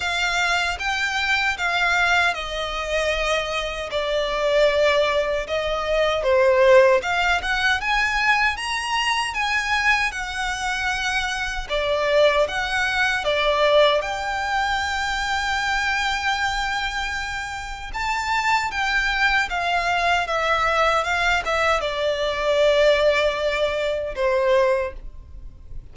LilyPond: \new Staff \with { instrumentName = "violin" } { \time 4/4 \tempo 4 = 77 f''4 g''4 f''4 dis''4~ | dis''4 d''2 dis''4 | c''4 f''8 fis''8 gis''4 ais''4 | gis''4 fis''2 d''4 |
fis''4 d''4 g''2~ | g''2. a''4 | g''4 f''4 e''4 f''8 e''8 | d''2. c''4 | }